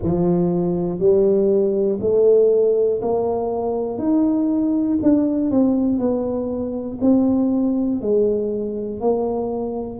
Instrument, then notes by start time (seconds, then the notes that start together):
tuba
0.02 F3
0.99 G3
2.00 A3
3.01 A#3
3.98 D#4
5.02 D4
5.50 C4
5.98 B3
7.01 C4
8.00 G#3
9.00 A#3